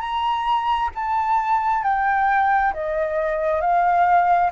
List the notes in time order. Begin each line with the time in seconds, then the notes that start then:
0.00 A#5
0.95 A5
1.84 G5
2.73 D#5
3.61 F5